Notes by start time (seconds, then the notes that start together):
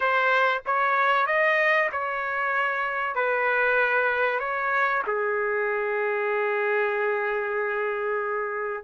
0.00 C5
0.65 C#5
1.26 D#5
1.92 C#5
3.15 B4
4.39 C#5
5.06 G#4